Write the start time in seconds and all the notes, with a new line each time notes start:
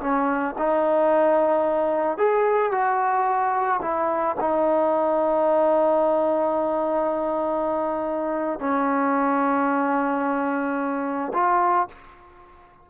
0.00 C#4
0.58 D#4
2.17 G#4
2.71 F#4
3.81 E4
4.40 D#4
8.59 C#4
11.33 F4